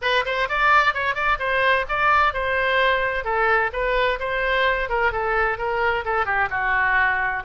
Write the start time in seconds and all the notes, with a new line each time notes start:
0.01 B4
0.25 C5
0.49 D5
0.93 C#5
1.14 D5
1.39 C5
1.89 D5
2.33 C5
3.24 A4
3.72 B4
4.19 C5
4.89 A#4
5.12 A4
5.58 A#4
6.04 A4
6.25 G4
6.50 F#4